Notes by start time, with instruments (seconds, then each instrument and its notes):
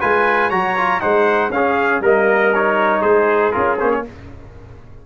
0.00 tuba G#3, trombone F4, trumpet B4 G#5
0.49 tuba F#3, trombone F#4, trumpet C#5 A#5
0.77 trombone F4
1.00 tuba G#3, trombone D#4, trumpet C5 F#5
1.49 tuba C#4, trombone C#4, trumpet F5
1.56 trumpet G#4
2.00 tuba G3, trombone A#3, trumpet A#4 D#5
2.54 trombone D#4, trumpet C#5
3.01 tuba G#3, trumpet G#4 C5
3.51 tuba C#4, trombone F4, trumpet A#4
3.79 tuba A#3, trombone C#4, trumpet C5
3.90 trumpet C#5